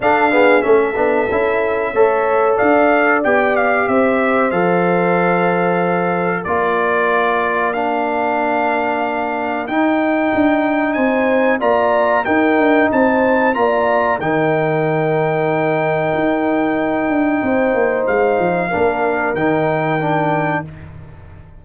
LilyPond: <<
  \new Staff \with { instrumentName = "trumpet" } { \time 4/4 \tempo 4 = 93 f''4 e''2. | f''4 g''8 f''8 e''4 f''4~ | f''2 d''2 | f''2. g''4~ |
g''4 gis''4 ais''4 g''4 | a''4 ais''4 g''2~ | g''1 | f''2 g''2 | }
  \new Staff \with { instrumentName = "horn" } { \time 4/4 a'8 gis'8 a'2 cis''4 | d''2 c''2~ | c''2 ais'2~ | ais'1~ |
ais'4 c''4 d''4 ais'4 | c''4 d''4 ais'2~ | ais'2. c''4~ | c''4 ais'2. | }
  \new Staff \with { instrumentName = "trombone" } { \time 4/4 d'8 b8 cis'8 d'8 e'4 a'4~ | a'4 g'2 a'4~ | a'2 f'2 | d'2. dis'4~ |
dis'2 f'4 dis'4~ | dis'4 f'4 dis'2~ | dis'1~ | dis'4 d'4 dis'4 d'4 | }
  \new Staff \with { instrumentName = "tuba" } { \time 4/4 d'4 a8 b8 cis'4 a4 | d'4 b4 c'4 f4~ | f2 ais2~ | ais2. dis'4 |
d'4 c'4 ais4 dis'8 d'8 | c'4 ais4 dis2~ | dis4 dis'4. d'8 c'8 ais8 | gis8 f8 ais4 dis2 | }
>>